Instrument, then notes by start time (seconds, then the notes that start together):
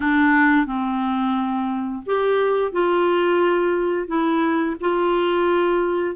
clarinet
0.00 D4
0.66 C4
2.06 G4
2.72 F4
4.07 E4
4.80 F4